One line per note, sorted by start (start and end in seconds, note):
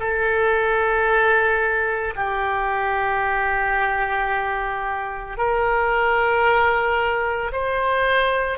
0.00 2.14 A4
2.16 5.38 G4
5.38 7.52 A#4
7.52 8.59 C5